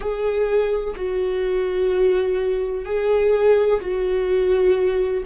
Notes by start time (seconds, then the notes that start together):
0.00 G#4
0.95 F#4
2.85 G#4
3.81 F#4